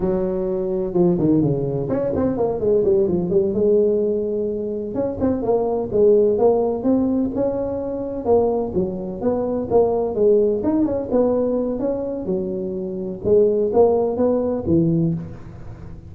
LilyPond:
\new Staff \with { instrumentName = "tuba" } { \time 4/4 \tempo 4 = 127 fis2 f8 dis8 cis4 | cis'8 c'8 ais8 gis8 g8 f8 g8 gis8~ | gis2~ gis8 cis'8 c'8 ais8~ | ais8 gis4 ais4 c'4 cis'8~ |
cis'4. ais4 fis4 b8~ | b8 ais4 gis4 dis'8 cis'8 b8~ | b4 cis'4 fis2 | gis4 ais4 b4 e4 | }